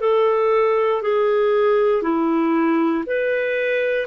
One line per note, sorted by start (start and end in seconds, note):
0.00 1.02 A4
1.02 2.02 G#4
2.02 3.04 E4
3.06 4.06 B4